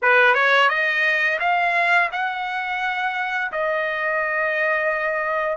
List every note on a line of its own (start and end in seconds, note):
0.02 0.34 B4
0.34 0.68 C#5
0.68 1.38 D#5
1.40 2.09 F5
2.12 3.51 F#5
3.51 5.57 D#5